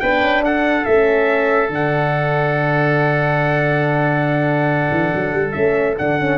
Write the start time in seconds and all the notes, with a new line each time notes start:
0.00 B3 D4 B4 G5
0.22 C#4
0.41 D4 A4 F#5
0.85 A3 C#4 E5
1.69 D3 D4 F#5
4.91 E3
5.15 F#3
5.33 G3
5.52 A3 C#4 E5
5.98 D3 D4 F#5
6.19 C#4